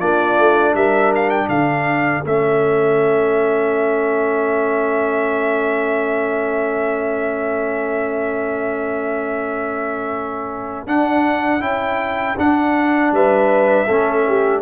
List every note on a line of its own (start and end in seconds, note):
0.00 0.38 A#3
0.00 2.25 D4
0.00 0.75 F4
0.00 0.75 D5
0.38 0.74 A3
0.74 1.49 G3
0.74 1.50 A#4
0.74 1.13 E5
1.16 1.30 F5
1.30 1.49 G5
1.49 2.24 D3
1.49 13.12 A4
1.49 2.25 F5
2.26 10.87 A3
2.26 10.88 C#4
2.26 10.88 E5
10.87 11.61 D4
10.87 11.62 F#5
11.61 12.36 C#4
11.61 12.36 E4
11.61 12.37 G5
12.38 13.12 D4
12.38 13.88 D4
12.38 13.15 F#5
13.12 13.87 G3
13.12 13.87 B4
13.12 14.63 E5
13.87 14.63 A3
13.87 14.63 C#4
13.87 14.25 A4
14.28 14.63 G4